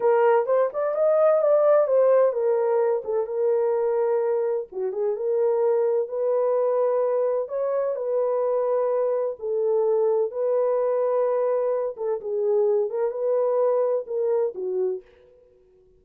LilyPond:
\new Staff \with { instrumentName = "horn" } { \time 4/4 \tempo 4 = 128 ais'4 c''8 d''8 dis''4 d''4 | c''4 ais'4. a'8 ais'4~ | ais'2 fis'8 gis'8 ais'4~ | ais'4 b'2. |
cis''4 b'2. | a'2 b'2~ | b'4. a'8 gis'4. ais'8 | b'2 ais'4 fis'4 | }